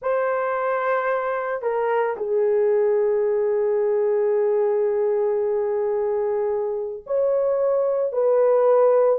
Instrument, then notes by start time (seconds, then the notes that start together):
horn
0.01 C5
1.61 A#4
2.16 G#4
7.06 C#5
8.12 B4